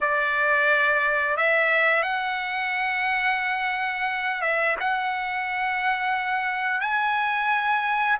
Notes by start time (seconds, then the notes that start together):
0.00 D5
1.36 E5
2.03 F#5
4.41 E5
4.80 F#5
6.80 G#5